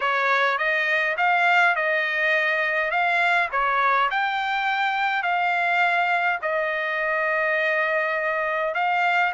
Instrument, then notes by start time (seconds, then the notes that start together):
trumpet
0.00 C#5
0.58 D#5
1.17 F5
1.75 D#5
2.90 F5
3.51 C#5
4.10 G5
5.22 F5
6.42 D#5
8.74 F5